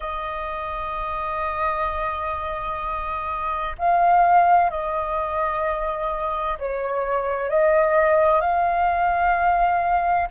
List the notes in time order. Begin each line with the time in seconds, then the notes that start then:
0.00 D#5
3.78 F5
4.70 D#5
6.58 C#5
7.49 D#5
8.40 F5